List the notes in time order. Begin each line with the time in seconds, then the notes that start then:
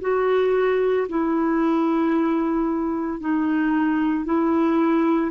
0.00 F#4
1.08 E4
3.19 D#4
4.25 E4